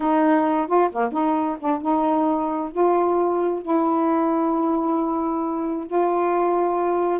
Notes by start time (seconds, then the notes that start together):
0.00 D#4
0.67 F4
0.91 A#3
1.12 D#4
1.59 D4
1.81 D#4
2.71 F4
3.62 E4
5.86 F4